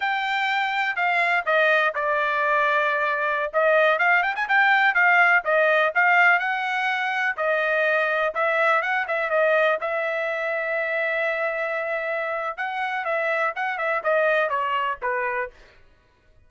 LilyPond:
\new Staff \with { instrumentName = "trumpet" } { \time 4/4 \tempo 4 = 124 g''2 f''4 dis''4 | d''2.~ d''16 dis''8.~ | dis''16 f''8 g''16 gis''16 g''4 f''4 dis''8.~ | dis''16 f''4 fis''2 dis''8.~ |
dis''4~ dis''16 e''4 fis''8 e''8 dis''8.~ | dis''16 e''2.~ e''8.~ | e''2 fis''4 e''4 | fis''8 e''8 dis''4 cis''4 b'4 | }